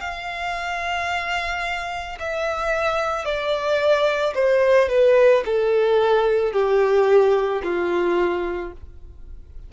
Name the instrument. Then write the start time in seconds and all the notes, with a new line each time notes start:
violin
0.00 F5
2.19 E5
3.25 D5
4.34 C5
4.89 B4
5.45 A4
6.53 G4
7.63 F4